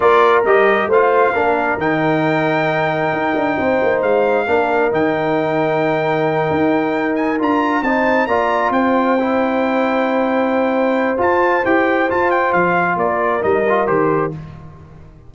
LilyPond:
<<
  \new Staff \with { instrumentName = "trumpet" } { \time 4/4 \tempo 4 = 134 d''4 dis''4 f''2 | g''1~ | g''4 f''2 g''4~ | g''1 |
gis''8 ais''4 a''4 ais''4 g''8~ | g''1~ | g''4 a''4 g''4 a''8 g''8 | f''4 d''4 dis''4 c''4 | }
  \new Staff \with { instrumentName = "horn" } { \time 4/4 ais'2 c''4 ais'4~ | ais'1 | c''2 ais'2~ | ais'1~ |
ais'4. c''4 d''4 c''8~ | c''1~ | c''1~ | c''4 ais'2. | }
  \new Staff \with { instrumentName = "trombone" } { \time 4/4 f'4 g'4 f'4 d'4 | dis'1~ | dis'2 d'4 dis'4~ | dis'1~ |
dis'8 f'4 dis'4 f'4.~ | f'8 e'2.~ e'8~ | e'4 f'4 g'4 f'4~ | f'2 dis'8 f'8 g'4 | }
  \new Staff \with { instrumentName = "tuba" } { \time 4/4 ais4 g4 a4 ais4 | dis2. dis'8 d'8 | c'8 ais8 gis4 ais4 dis4~ | dis2~ dis8 dis'4.~ |
dis'8 d'4 c'4 ais4 c'8~ | c'1~ | c'4 f'4 e'4 f'4 | f4 ais4 g4 dis4 | }
>>